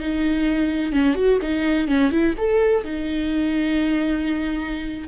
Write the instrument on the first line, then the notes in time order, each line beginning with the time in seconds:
viola
0.00 D#4
0.92 C#4
1.15 F#4
1.42 D#4
1.88 C#4
2.11 E4
2.38 A4
2.84 D#4